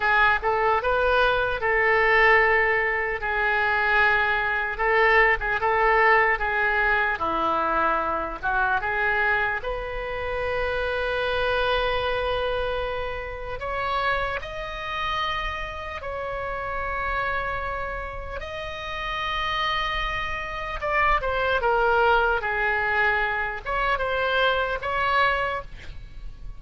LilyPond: \new Staff \with { instrumentName = "oboe" } { \time 4/4 \tempo 4 = 75 gis'8 a'8 b'4 a'2 | gis'2 a'8. gis'16 a'4 | gis'4 e'4. fis'8 gis'4 | b'1~ |
b'4 cis''4 dis''2 | cis''2. dis''4~ | dis''2 d''8 c''8 ais'4 | gis'4. cis''8 c''4 cis''4 | }